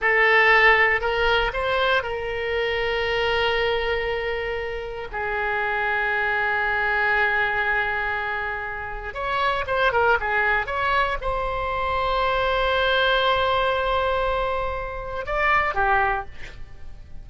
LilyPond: \new Staff \with { instrumentName = "oboe" } { \time 4/4 \tempo 4 = 118 a'2 ais'4 c''4 | ais'1~ | ais'2 gis'2~ | gis'1~ |
gis'2 cis''4 c''8 ais'8 | gis'4 cis''4 c''2~ | c''1~ | c''2 d''4 g'4 | }